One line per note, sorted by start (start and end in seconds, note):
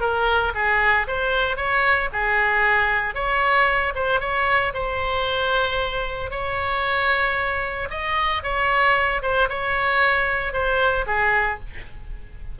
0.00 0.53 A#4
0.54 1.07 G#4
1.07 1.56 C5
1.56 2.09 C#5
2.12 3.14 G#4
3.14 3.93 C#5
3.95 4.20 C5
4.20 4.73 C#5
4.73 6.30 C5
6.30 7.88 C#5
7.90 8.43 D#5
8.43 9.22 C#5
9.22 9.48 C5
9.49 10.53 C#5
10.53 11.05 C5
11.06 11.59 G#4